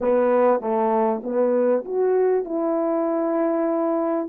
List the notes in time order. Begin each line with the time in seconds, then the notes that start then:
0.01 B3
0.60 A3
1.23 B3
1.85 F#4
2.44 E4